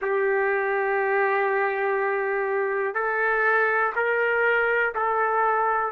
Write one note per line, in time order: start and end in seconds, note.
0.01 2.94 G4
2.94 3.93 A4
3.95 4.94 A#4
4.94 5.92 A4